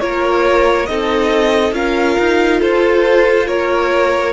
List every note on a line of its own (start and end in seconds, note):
0.00 0.88 A#3
0.00 0.87 F4
0.00 0.89 A#4
0.00 0.86 C#5
0.86 1.73 C4
0.86 1.73 D#4
0.86 1.75 A4
0.86 1.73 D#5
1.73 2.16 C#4
1.73 4.33 F4
1.73 2.59 A#4
1.73 2.61 F5
2.19 2.62 D#4
2.59 3.48 F4
2.59 3.46 A4
2.59 3.47 C5
3.46 4.33 A#3
3.46 4.33 A#4
3.46 4.33 C#5